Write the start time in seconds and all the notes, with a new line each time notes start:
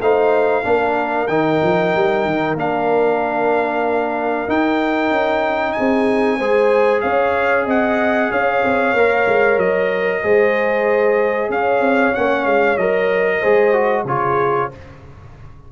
0.00 A3 D#4 C5 F5
0.63 A#3 D4 A#4
1.27 D#3 D#4 G5
1.62 F3
1.95 G3
2.25 D#3
2.54 A#3 D4 F5
4.47 D#4 G5
5.10 C#4
5.72 G#4 G#5
5.78 C4
6.37 G#3 G#4 C5
7.01 C#4 C#5 F5
7.65 C4 D#5 F#5
8.30 C#4 C#5 F5
8.63 C4
8.93 A#3 A#4
9.26 G#3
9.57 F#3 D#5
10.23 G#3 G#4 C5
11.49 C#4 C#5 F5
11.79 C4
12.14 A#3 C#4 F#5
12.45 G#3 F5
12.77 F#3 A#4 D#5
13.40 G#3 G#4 C5
13.73 F#4
14.04 C#3 F4 G#4 C#5